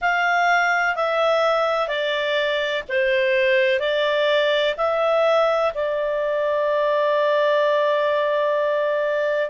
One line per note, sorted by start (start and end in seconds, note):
0.01 0.95 F5
0.95 1.88 E5
1.88 2.83 D5
2.88 3.79 C5
3.79 4.74 D5
4.77 5.72 E5
5.74 9.50 D5